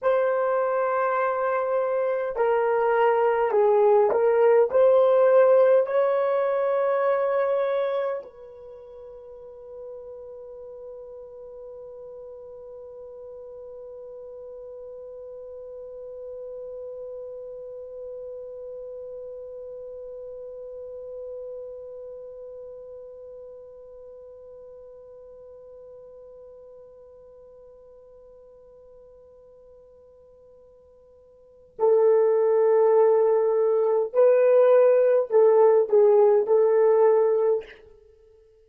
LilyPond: \new Staff \with { instrumentName = "horn" } { \time 4/4 \tempo 4 = 51 c''2 ais'4 gis'8 ais'8 | c''4 cis''2 b'4~ | b'1~ | b'1~ |
b'1~ | b'1~ | b'2. a'4~ | a'4 b'4 a'8 gis'8 a'4 | }